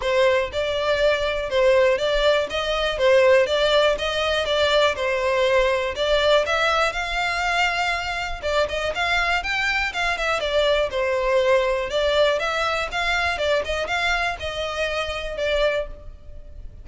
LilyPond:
\new Staff \with { instrumentName = "violin" } { \time 4/4 \tempo 4 = 121 c''4 d''2 c''4 | d''4 dis''4 c''4 d''4 | dis''4 d''4 c''2 | d''4 e''4 f''2~ |
f''4 d''8 dis''8 f''4 g''4 | f''8 e''8 d''4 c''2 | d''4 e''4 f''4 d''8 dis''8 | f''4 dis''2 d''4 | }